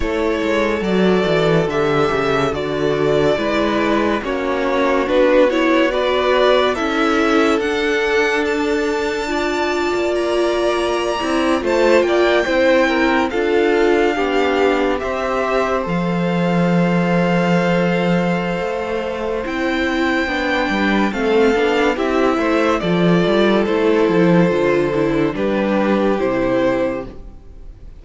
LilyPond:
<<
  \new Staff \with { instrumentName = "violin" } { \time 4/4 \tempo 4 = 71 cis''4 d''4 e''4 d''4~ | d''4 cis''4 b'8 cis''8 d''4 | e''4 fis''4 a''2 | ais''4.~ ais''16 a''8 g''4. f''16~ |
f''4.~ f''16 e''4 f''4~ f''16~ | f''2. g''4~ | g''4 f''4 e''4 d''4 | c''2 b'4 c''4 | }
  \new Staff \with { instrumentName = "violin" } { \time 4/4 a'1 | b'4 fis'2 b'4 | a'2. d''4~ | d''4.~ d''16 c''8 d''8 c''8 ais'8 a'16~ |
a'8. g'4 c''2~ c''16~ | c''1~ | c''8 b'8 a'4 g'8 c''8 a'4~ | a'2 g'2 | }
  \new Staff \with { instrumentName = "viola" } { \time 4/4 e'4 fis'4 g'4 fis'4 | e'4 cis'4 d'8 e'8 fis'4 | e'4 d'2 f'4~ | f'4~ f'16 e'8 f'4 e'4 f'16~ |
f'8. d'4 g'4 a'4~ a'16~ | a'2. e'4 | d'4 c'8 d'8 e'4 f'4 | e'4 f'8 e'8 d'4 e'4 | }
  \new Staff \with { instrumentName = "cello" } { \time 4/4 a8 gis8 fis8 e8 d8 cis8 d4 | gis4 ais4 b2 | cis'4 d'2~ d'8. ais16~ | ais4~ ais16 c'8 a8 ais8 c'4 d'16~ |
d'8. b4 c'4 f4~ f16~ | f2 a4 c'4 | b8 g8 a8 b8 c'8 a8 f8 g8 | a8 f8 d4 g4 c4 | }
>>